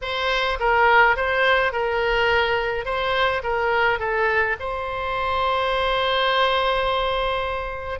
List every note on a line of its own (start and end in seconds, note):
0.01 0.58 C5
0.59 1.16 A#4
1.16 1.72 C5
1.72 2.85 A#4
2.85 3.42 C5
3.43 3.99 A#4
3.99 4.56 A4
4.59 7.99 C5